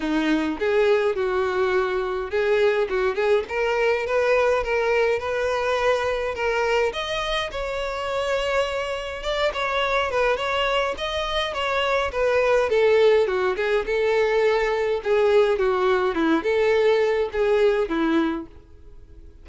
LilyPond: \new Staff \with { instrumentName = "violin" } { \time 4/4 \tempo 4 = 104 dis'4 gis'4 fis'2 | gis'4 fis'8 gis'8 ais'4 b'4 | ais'4 b'2 ais'4 | dis''4 cis''2. |
d''8 cis''4 b'8 cis''4 dis''4 | cis''4 b'4 a'4 fis'8 gis'8 | a'2 gis'4 fis'4 | e'8 a'4. gis'4 e'4 | }